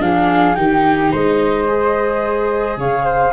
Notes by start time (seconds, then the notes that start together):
0.00 F3 D4 G#4 F5
0.55 D#3 D#4 G4 G5
1.12 G#3 C5 D#5
1.68 G#4
2.78 C#3 C#5 F5
3.05 C5